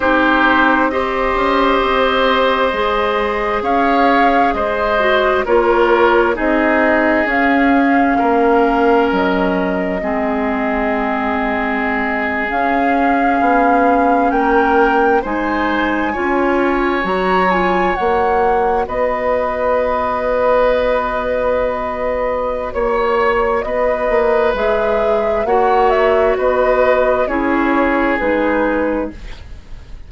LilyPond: <<
  \new Staff \with { instrumentName = "flute" } { \time 4/4 \tempo 4 = 66 c''4 dis''2. | f''4 dis''4 cis''4 dis''4 | f''2 dis''2~ | dis''4.~ dis''16 f''2 g''16~ |
g''8. gis''2 ais''8 gis''8 fis''16~ | fis''8. dis''2.~ dis''16~ | dis''4 cis''4 dis''4 e''4 | fis''8 e''8 dis''4 cis''4 b'4 | }
  \new Staff \with { instrumentName = "oboe" } { \time 4/4 g'4 c''2. | cis''4 c''4 ais'4 gis'4~ | gis'4 ais'2 gis'4~ | gis'2.~ gis'8. ais'16~ |
ais'8. c''4 cis''2~ cis''16~ | cis''8. b'2.~ b'16~ | b'4 cis''4 b'2 | cis''4 b'4 gis'2 | }
  \new Staff \with { instrumentName = "clarinet" } { \time 4/4 dis'4 g'2 gis'4~ | gis'4. fis'8 f'4 dis'4 | cis'2. c'4~ | c'4.~ c'16 cis'2~ cis'16~ |
cis'8. dis'4 f'4 fis'8 f'8 fis'16~ | fis'1~ | fis'2. gis'4 | fis'2 e'4 dis'4 | }
  \new Staff \with { instrumentName = "bassoon" } { \time 4/4 c'4. cis'8 c'4 gis4 | cis'4 gis4 ais4 c'4 | cis'4 ais4 fis4 gis4~ | gis4.~ gis16 cis'4 b4 ais16~ |
ais8. gis4 cis'4 fis4 ais16~ | ais8. b2.~ b16~ | b4 ais4 b8 ais8 gis4 | ais4 b4 cis'4 gis4 | }
>>